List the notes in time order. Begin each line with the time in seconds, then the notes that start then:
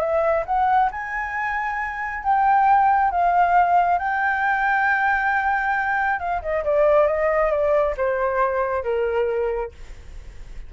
0.00 E5
0.46 F#5
0.91 G#5
2.23 G5
3.11 F5
3.98 G5
6.19 F5
6.42 D#5
6.64 D5
7.07 D#5
7.51 D5
7.97 C5
8.83 A#4